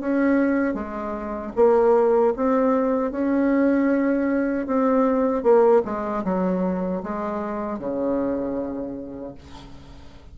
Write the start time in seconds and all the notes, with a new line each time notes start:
0.00 C#4
0.74 G#3
1.55 A#3
2.36 C4
3.11 C#4
4.66 C4
5.43 A#3
5.85 G#3
6.24 F#3
7.03 G#3
7.79 C#3